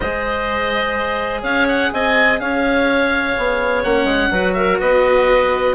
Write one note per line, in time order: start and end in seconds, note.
0.00 1.42 G#3
0.00 3.86 G#4
0.00 1.42 C5
0.00 1.41 D#5
1.42 1.90 C#4
1.42 1.91 C#5
1.42 1.67 F5
1.68 1.92 F#5
1.93 2.40 C4
1.93 2.41 D#5
1.93 2.40 G#5
2.40 3.36 C#4
2.40 4.31 C#5
2.40 3.83 F5
3.38 3.84 B3
3.83 4.04 A#3
3.83 4.34 C#4
3.83 4.53 F#5
4.04 4.28 G#3
4.30 4.78 F#3
4.30 5.74 F#4
4.30 4.55 B4
4.53 4.80 A#4
4.53 4.77 E5
4.80 5.74 B3
4.80 5.74 B4
4.80 5.74 D#5